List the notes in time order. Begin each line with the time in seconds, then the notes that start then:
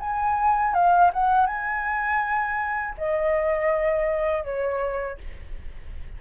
0.00 G#5
0.74 F5
1.13 F#5
1.46 G#5
2.97 D#5
4.44 C#5